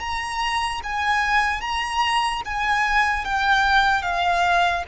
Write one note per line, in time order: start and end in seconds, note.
0.00 0.81 A#5
0.84 1.61 G#5
1.61 2.42 A#5
2.45 3.25 G#5
3.25 4.02 G5
4.02 4.84 F5